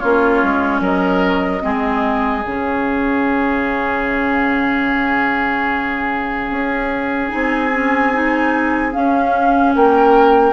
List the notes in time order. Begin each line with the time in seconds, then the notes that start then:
0.00 A#3 C#4 F4 C#5
0.43 G#3
0.81 F#3 A#4 D#5
1.61 G#3 C4 G#4
2.44 C#3 C#4 F5
6.50 C#4
7.29 C4 D#4 G#5
7.73 C#4
8.14 D#4
8.92 C#4 F5
9.75 A#3 A#4 G5